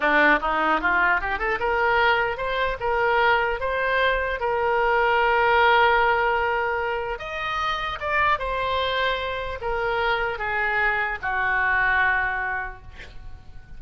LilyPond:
\new Staff \with { instrumentName = "oboe" } { \time 4/4 \tempo 4 = 150 d'4 dis'4 f'4 g'8 a'8 | ais'2 c''4 ais'4~ | ais'4 c''2 ais'4~ | ais'1~ |
ais'2 dis''2 | d''4 c''2. | ais'2 gis'2 | fis'1 | }